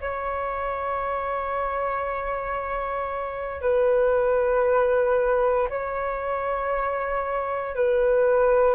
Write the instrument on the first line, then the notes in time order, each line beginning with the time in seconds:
flute
0.00 C#5
3.61 B4
5.69 C#5
7.75 B4